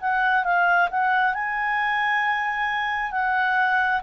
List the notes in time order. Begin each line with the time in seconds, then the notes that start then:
0.00 F#5
0.44 F5
0.90 F#5
1.34 G#5
3.11 F#5